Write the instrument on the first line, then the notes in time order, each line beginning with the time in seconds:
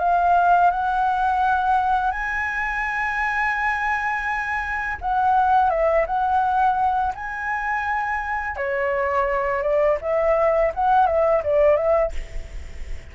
flute
0.00 F5
0.71 F#5
2.12 G#5
5.02 F#5
5.70 E5
6.07 F#5
7.15 G#5
8.57 C#5
9.63 D5
10.02 E5
10.75 F#5
11.07 E5
11.44 D5
11.77 E5